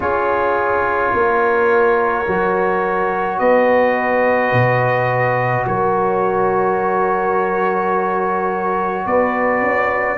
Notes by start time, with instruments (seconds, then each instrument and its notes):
0.00 tuba C#4, trombone F4, horn G#4, trumpet C#5
1.13 tuba A#3, horn A#4
2.27 tuba F#3, trombone F#4
3.38 tuba B3, horn B4, trumpet D#5
4.52 tuba B2
5.67 tuba F#3, horn A#4, trumpet C#5
9.05 tuba B3, horn B4, trumpet D5
9.62 tuba C#4